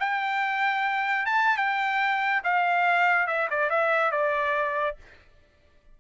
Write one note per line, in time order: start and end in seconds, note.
0.00 1.26 G5
1.26 1.57 A5
1.57 2.43 G5
2.44 3.27 F5
3.27 3.49 E5
3.51 3.70 D5
3.70 4.12 E5
4.12 4.97 D5